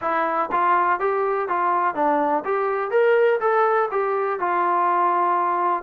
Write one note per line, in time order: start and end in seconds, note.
0.01 0.50 E4
0.51 0.99 F4
0.99 1.48 G4
1.48 1.94 F4
1.94 2.43 D4
2.44 2.90 G4
2.90 3.39 A#4
3.40 3.89 A4
3.91 4.39 G4
4.39 5.83 F4